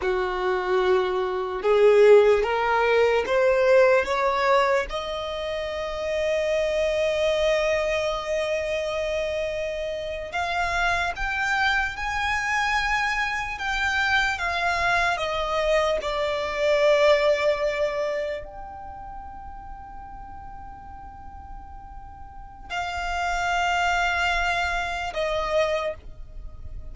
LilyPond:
\new Staff \with { instrumentName = "violin" } { \time 4/4 \tempo 4 = 74 fis'2 gis'4 ais'4 | c''4 cis''4 dis''2~ | dis''1~ | dis''8. f''4 g''4 gis''4~ gis''16~ |
gis''8. g''4 f''4 dis''4 d''16~ | d''2~ d''8. g''4~ g''16~ | g''1 | f''2. dis''4 | }